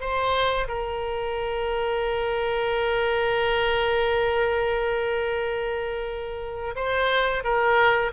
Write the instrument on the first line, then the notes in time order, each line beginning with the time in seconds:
oboe
0.00 C5
0.68 A#4
6.75 C5
7.44 A#4